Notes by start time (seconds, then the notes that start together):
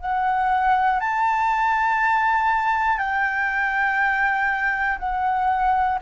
0.00 F#5
1.00 A5
2.98 G5
4.99 F#5